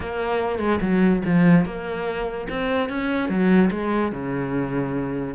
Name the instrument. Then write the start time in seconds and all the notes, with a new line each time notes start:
cello
0.00 A#3
0.58 G#3
0.81 F#3
1.25 F3
1.65 A#3
2.49 C4
2.89 C#4
3.29 F#3
3.70 G#3
4.12 C#3